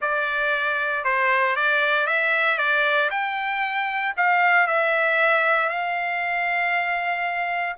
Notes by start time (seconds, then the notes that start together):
0.01 D5
1.04 C5
1.56 D5
2.06 E5
2.57 D5
3.10 G5
4.16 F5
4.67 E5
5.69 F5